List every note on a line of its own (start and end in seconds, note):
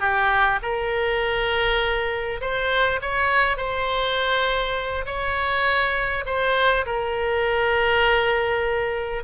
0.00 0.59 G4
0.62 2.41 A#4
2.41 3.01 C5
3.01 3.57 C#5
3.57 5.05 C5
5.06 6.25 C#5
6.26 6.86 C5
6.86 9.23 A#4